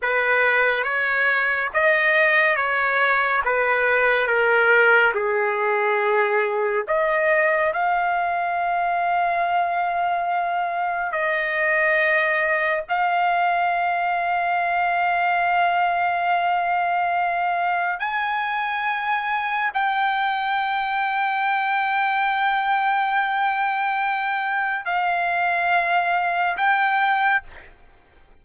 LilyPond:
\new Staff \with { instrumentName = "trumpet" } { \time 4/4 \tempo 4 = 70 b'4 cis''4 dis''4 cis''4 | b'4 ais'4 gis'2 | dis''4 f''2.~ | f''4 dis''2 f''4~ |
f''1~ | f''4 gis''2 g''4~ | g''1~ | g''4 f''2 g''4 | }